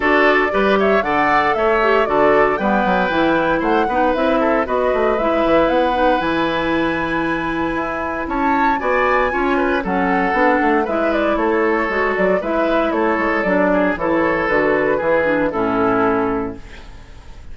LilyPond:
<<
  \new Staff \with { instrumentName = "flute" } { \time 4/4 \tempo 4 = 116 d''4. e''8 fis''4 e''4 | d''4 g''2 fis''4 | e''4 dis''4 e''4 fis''4 | gis''1 |
a''4 gis''2 fis''4~ | fis''4 e''8 d''8 cis''4. d''8 | e''4 cis''4 d''4 cis''4 | b'2 a'2 | }
  \new Staff \with { instrumentName = "oboe" } { \time 4/4 a'4 b'8 cis''8 d''4 cis''4 | a'4 b'2 c''8 b'8~ | b'8 a'8 b'2.~ | b'1 |
cis''4 d''4 cis''8 b'8 a'4~ | a'4 b'4 a'2 | b'4 a'4. gis'8 a'4~ | a'4 gis'4 e'2 | }
  \new Staff \with { instrumentName = "clarinet" } { \time 4/4 fis'4 g'4 a'4. g'8 | fis'4 b4 e'4. dis'8 | e'4 fis'4 e'4. dis'8 | e'1~ |
e'4 fis'4 f'4 cis'4 | d'4 e'2 fis'4 | e'2 d'4 e'4 | fis'4 e'8 d'8 cis'2 | }
  \new Staff \with { instrumentName = "bassoon" } { \time 4/4 d'4 g4 d4 a4 | d4 g8 fis8 e4 a8 b8 | c'4 b8 a8 gis8 e8 b4 | e2. e'4 |
cis'4 b4 cis'4 fis4 | b8 a8 gis4 a4 gis8 fis8 | gis4 a8 gis8 fis4 e4 | d4 e4 a,2 | }
>>